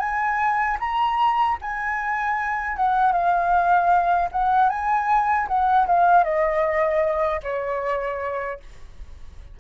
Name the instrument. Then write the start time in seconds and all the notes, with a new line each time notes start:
flute
0.00 G#5
0.80 A#5
1.62 G#5
2.77 F#5
3.12 F5
4.32 F#5
4.70 G#5
5.48 F#5
5.87 F5
6.24 D#5
7.43 C#5